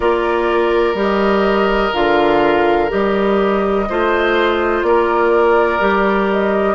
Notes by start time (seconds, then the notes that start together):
0.00 A#3 F4 A#4 D5
0.94 G3 G4
1.00 D#5
1.93 D3 F4 F5
2.89 G3 G4 D#5
3.89 A3 F4 C5
4.82 A#3 A#4 D5
5.79 G3 G4
6.32 D#5